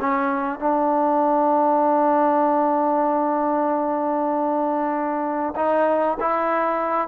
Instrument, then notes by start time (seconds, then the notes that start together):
trombone
0.00 C#4
0.60 D4
5.56 D#4
6.20 E4